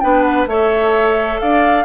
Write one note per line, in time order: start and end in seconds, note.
0.00 0.46 B3
0.00 0.47 D4
0.00 0.49 B4
0.00 0.22 G5
0.22 0.45 F#5
0.46 1.38 A3
0.46 1.85 A4
0.46 1.41 C#5
0.46 1.39 E5
1.39 1.85 D4
1.39 1.85 D5
1.39 1.85 F5